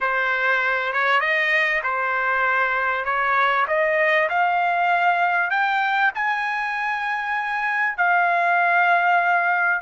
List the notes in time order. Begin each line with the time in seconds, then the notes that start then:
0.01 C5
0.92 C#5
1.20 D#5
1.83 C5
3.04 C#5
3.67 D#5
4.29 F5
5.50 G5
6.14 G#5
7.97 F5